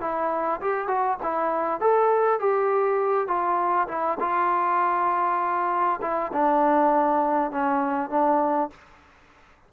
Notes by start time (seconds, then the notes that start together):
0.00 E4
0.60 G4
0.87 F#4
1.22 E4
1.80 A4
2.39 G4
3.27 F4
3.88 E4
4.20 F4
6.01 E4
6.32 D4
7.51 C#4
8.10 D4